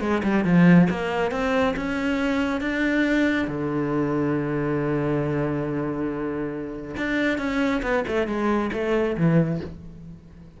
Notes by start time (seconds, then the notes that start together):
0.00 G#3
0.23 G3
0.44 F3
0.90 A#3
1.31 C4
1.76 C#4
2.60 D4
3.47 D3
6.96 D4
7.38 C#4
7.82 B3
8.07 A3
8.27 G#3
8.73 A3
9.17 E3